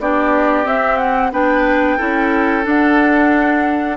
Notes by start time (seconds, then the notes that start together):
0.00 B3 D4 G4 D5
0.64 C4 E5
0.97 F#5
1.32 B3 D4 B4 G5
1.97 C#4 E4 A4
2.63 D4 F#5